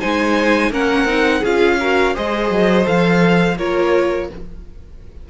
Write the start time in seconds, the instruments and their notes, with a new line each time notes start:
0.00 cello G#3, viola D#4, violin C5 G#5
0.70 cello A#3, viola C#4, violin A#4 F#5
1.05 cello C4, viola D#4
1.40 cello C#4, viola F4, violin G#4 F5
1.80 viola F#4, violin A#4
2.15 cello G#3, viola G#4, violin C5 D#5
2.50 cello F#3
2.84 cello F3, viola A4, violin F5
3.57 cello A#3, viola F4, violin A#4 C#5